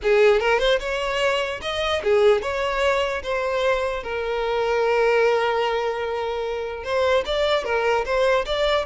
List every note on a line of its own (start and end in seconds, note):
0.02 0.40 G#4
0.40 0.59 A#4
0.59 0.79 C5
0.79 1.60 C#5
1.61 2.02 D#5
2.03 2.42 G#4
2.42 3.22 C#5
3.22 4.03 C5
4.03 6.83 A#4
6.83 7.24 C5
7.25 7.64 D5
7.64 8.04 A#4
8.05 8.45 C5
8.45 8.85 D5